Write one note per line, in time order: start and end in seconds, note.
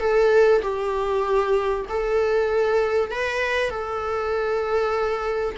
0.00 0.62 A4
0.62 1.86 G4
1.89 3.12 A4
3.12 3.70 B4
3.70 5.56 A4